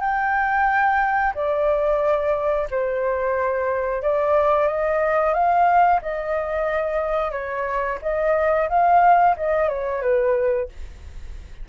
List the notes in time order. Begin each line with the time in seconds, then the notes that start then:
0.00 G5
1.34 D5
2.70 C5
4.02 D5
4.67 D#5
5.33 F5
6.02 D#5
7.31 C#5
8.02 D#5
8.69 F5
9.36 D#5
9.68 C#5
10.02 B4